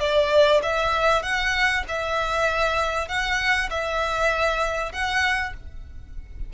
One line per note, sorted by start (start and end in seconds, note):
0.00 0.61 D5
0.63 1.23 E5
1.23 1.84 F#5
1.88 3.08 E5
3.08 3.69 F#5
3.70 4.93 E5
4.93 5.54 F#5